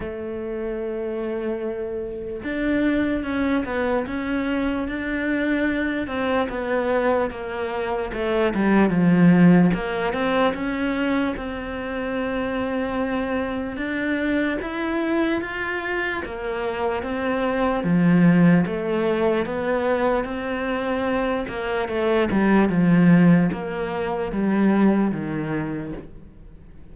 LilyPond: \new Staff \with { instrumentName = "cello" } { \time 4/4 \tempo 4 = 74 a2. d'4 | cis'8 b8 cis'4 d'4. c'8 | b4 ais4 a8 g8 f4 | ais8 c'8 cis'4 c'2~ |
c'4 d'4 e'4 f'4 | ais4 c'4 f4 a4 | b4 c'4. ais8 a8 g8 | f4 ais4 g4 dis4 | }